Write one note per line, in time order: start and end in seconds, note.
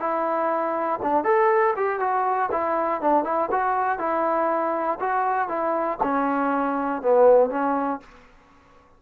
0.00 1.00 E4
1.03 1.25 D4
1.25 1.75 A4
1.77 2.00 G4
2.00 2.50 F#4
2.52 3.02 E4
3.02 3.25 D4
3.25 3.50 E4
3.52 3.99 F#4
3.99 4.99 E4
5.01 5.49 F#4
5.49 5.99 E4
6.03 7.03 C#4
7.03 7.50 B3
7.50 8.00 C#4